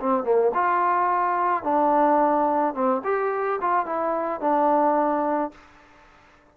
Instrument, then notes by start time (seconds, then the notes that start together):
trombone
0.00 C4
0.24 A#3
0.54 F4
1.64 D4
2.74 C4
3.05 G4
3.61 F4
3.86 E4
4.41 D4